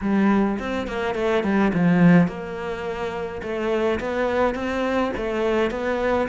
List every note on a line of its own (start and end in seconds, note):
0.01 0.58 G3
0.59 0.87 C4
0.87 1.15 A#3
1.15 1.43 A3
1.43 1.72 G3
1.73 2.27 F3
2.27 3.41 A#3
3.42 3.99 A3
4.00 4.54 B3
4.54 5.11 C4
5.17 5.70 A3
5.70 6.28 B3